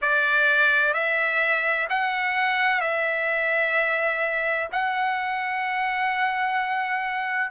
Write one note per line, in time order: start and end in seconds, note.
0.01 0.93 D5
0.93 1.87 E5
1.89 2.80 F#5
2.80 4.68 E5
4.72 7.50 F#5